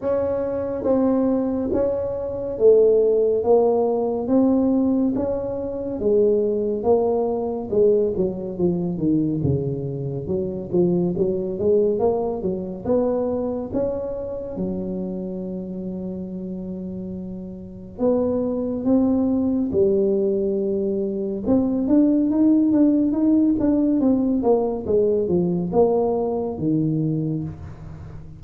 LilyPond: \new Staff \with { instrumentName = "tuba" } { \time 4/4 \tempo 4 = 70 cis'4 c'4 cis'4 a4 | ais4 c'4 cis'4 gis4 | ais4 gis8 fis8 f8 dis8 cis4 | fis8 f8 fis8 gis8 ais8 fis8 b4 |
cis'4 fis2.~ | fis4 b4 c'4 g4~ | g4 c'8 d'8 dis'8 d'8 dis'8 d'8 | c'8 ais8 gis8 f8 ais4 dis4 | }